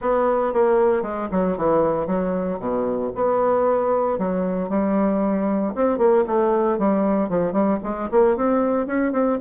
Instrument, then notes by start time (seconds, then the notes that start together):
bassoon
0.01 B3
0.53 A#3
1.02 G#3
1.31 F#3
1.57 E3
2.07 F#3
2.59 B2
3.15 B3
4.18 F#3
4.69 G3
5.75 C4
5.98 A#3
6.26 A3
6.78 G3
7.29 F3
7.52 G3
7.83 G#3
8.11 A#3
8.36 C4
8.86 C#4
9.12 C4